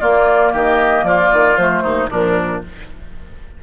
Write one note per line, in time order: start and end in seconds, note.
0.00 1.57 A#3
0.00 0.53 A#3
0.00 0.52 F4
0.00 0.53 D5
0.52 1.03 D#3
0.52 1.04 G4
0.52 1.05 D#5
1.03 1.29 F3
1.03 1.83 F4
1.03 1.57 D5
1.32 1.57 D#3
1.57 1.82 F3
1.57 2.10 A3
1.57 2.09 C5
1.82 2.09 D#2
1.82 2.09 D#4
2.10 2.62 A#2
2.10 2.63 F3
2.10 2.62 D4
2.10 2.63 A#4